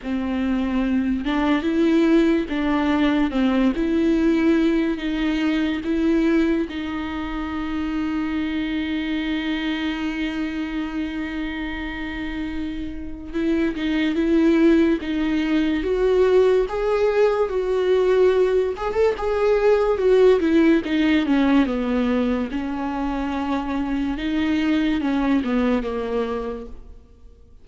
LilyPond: \new Staff \with { instrumentName = "viola" } { \time 4/4 \tempo 4 = 72 c'4. d'8 e'4 d'4 | c'8 e'4. dis'4 e'4 | dis'1~ | dis'1 |
e'8 dis'8 e'4 dis'4 fis'4 | gis'4 fis'4. gis'16 a'16 gis'4 | fis'8 e'8 dis'8 cis'8 b4 cis'4~ | cis'4 dis'4 cis'8 b8 ais4 | }